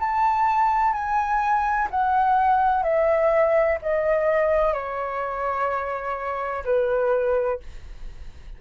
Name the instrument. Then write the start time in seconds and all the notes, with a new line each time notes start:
flute
0.00 A5
0.94 G#5
1.91 F#5
2.84 E5
3.82 D#5
4.74 C#5
6.65 B4